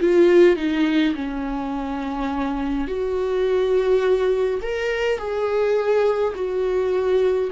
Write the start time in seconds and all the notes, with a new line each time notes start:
0.00 F4
0.56 D#4
1.15 C#4
2.87 F#4
4.62 A#4
5.18 G#4
6.35 F#4